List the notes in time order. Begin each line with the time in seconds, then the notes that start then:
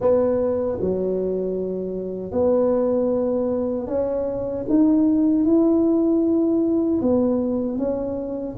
0.00 B3
0.80 F#3
2.31 B3
3.87 C#4
4.69 D#4
5.44 E4
7.01 B3
7.77 C#4